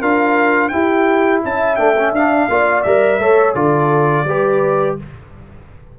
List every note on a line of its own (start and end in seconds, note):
0.00 0.72 D4
0.00 0.72 F4
0.00 0.71 A#4
0.00 0.68 F5
0.68 1.77 E4
0.68 1.44 E4
0.68 1.44 G4
0.68 1.39 G5
1.44 1.78 C#4
1.44 2.50 E5
1.44 1.76 A5
1.76 2.12 A3
1.76 1.95 D4
1.76 2.11 G5
1.98 2.16 C#4
2.12 2.48 D4
2.12 2.50 D4
2.12 2.82 F5
2.49 2.84 A#3
2.49 2.85 F4
2.49 3.21 D5
2.82 3.19 G3
2.82 3.20 A#4
2.82 3.53 E5
3.19 3.54 A3
3.19 3.55 A4
3.19 3.56 C#5
3.54 4.25 D3
3.54 4.25 F4
3.54 4.26 A4
3.54 4.96 D5
4.25 4.95 G3
4.25 4.99 G4
4.25 4.98 B4